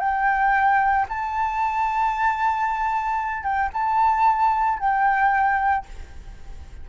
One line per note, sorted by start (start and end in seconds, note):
0.00 1.06 G5
1.09 3.43 A5
3.43 3.70 G5
3.74 4.80 A5
4.80 5.86 G5